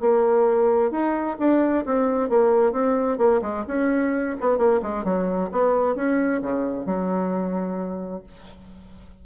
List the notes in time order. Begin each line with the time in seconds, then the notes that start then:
0.00 A#3
0.91 D#4
1.39 D4
1.85 C4
2.29 A#3
2.72 C4
3.18 A#3
3.42 G#3
3.67 C#4
4.41 B3
4.58 A#3
4.82 G#3
5.04 F#3
5.51 B3
5.95 C#4
6.42 C#3
6.86 F#3